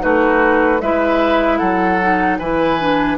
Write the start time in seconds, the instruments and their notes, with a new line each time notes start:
0.00 bassoon A3, clarinet D#4, oboe F#4, flute B4
0.81 bassoon G#3, clarinet E4, oboe B4, flute E5
1.58 bassoon F#3, oboe A4, flute F#5
2.01 clarinet D#4
2.39 bassoon E3, clarinet E4, oboe B4, flute G#5
2.80 clarinet D4